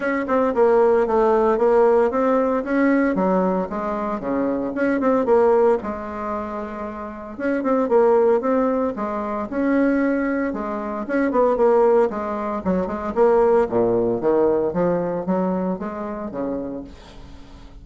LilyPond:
\new Staff \with { instrumentName = "bassoon" } { \time 4/4 \tempo 4 = 114 cis'8 c'8 ais4 a4 ais4 | c'4 cis'4 fis4 gis4 | cis4 cis'8 c'8 ais4 gis4~ | gis2 cis'8 c'8 ais4 |
c'4 gis4 cis'2 | gis4 cis'8 b8 ais4 gis4 | fis8 gis8 ais4 ais,4 dis4 | f4 fis4 gis4 cis4 | }